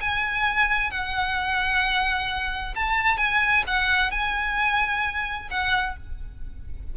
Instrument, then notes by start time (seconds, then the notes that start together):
violin
0.00 G#5
0.91 F#5
2.75 A5
3.17 G#5
3.67 F#5
4.11 G#5
5.51 F#5